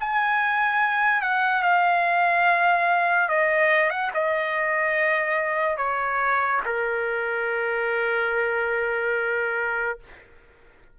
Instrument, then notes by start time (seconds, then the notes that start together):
trumpet
0.00 G#5
1.22 F#5
1.62 F5
3.29 D#5
3.91 F#5
4.14 D#5
5.78 C#5
6.66 A#4